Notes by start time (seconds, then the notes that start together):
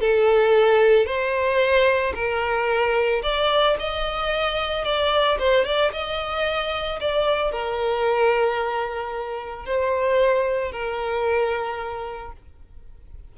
0.00 A4
1.06 C5
2.14 A#4
3.23 D5
3.79 D#5
4.84 D5
5.39 C5
5.65 D5
5.92 D#5
7.00 D5
7.51 A#4
9.65 C5
10.71 A#4